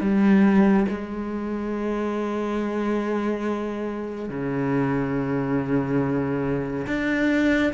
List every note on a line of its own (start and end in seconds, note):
0.00 0.86 G3
0.88 4.29 G#3
4.29 6.86 C#3
6.86 7.72 D4